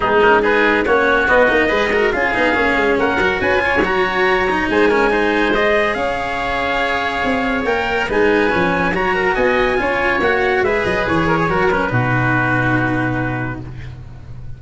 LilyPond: <<
  \new Staff \with { instrumentName = "trumpet" } { \time 4/4 \tempo 4 = 141 gis'8 ais'8 b'4 cis''4 dis''4~ | dis''4 f''2 fis''4 | gis''4 ais''2 gis''4~ | gis''4 dis''4 f''2~ |
f''2 g''4 gis''4~ | gis''4 ais''4 gis''2 | fis''4 e''8 dis''8 cis''4. b'8~ | b'1 | }
  \new Staff \with { instrumentName = "oboe" } { \time 4/4 dis'4 gis'4 fis'2 | b'8 ais'8 gis'2 ais'4 | b'8 cis''2~ cis''8 c''8 ais'8 | c''2 cis''2~ |
cis''2. b'4~ | b'4 cis''8 ais'8 dis''4 cis''4~ | cis''4 b'4. ais'16 gis'16 ais'4 | fis'1 | }
  \new Staff \with { instrumentName = "cello" } { \time 4/4 b8 cis'8 dis'4 cis'4 b8 dis'8 | gis'8 fis'8 f'8 dis'8 cis'4. fis'8~ | fis'8 f'8 fis'4. dis'4 cis'8 | dis'4 gis'2.~ |
gis'2 ais'4 dis'4 | cis'4 fis'2 f'4 | fis'4 gis'2 fis'8 cis'8 | dis'1 | }
  \new Staff \with { instrumentName = "tuba" } { \time 4/4 gis2 ais4 b8 ais8 | gis4 cis'8 b8 ais8 gis8 ais8 fis8 | cis'4 fis2 gis4~ | gis2 cis'2~ |
cis'4 c'4 ais4 gis4 | f4 fis4 b4 cis'4 | ais4 gis8 fis8 e4 fis4 | b,1 | }
>>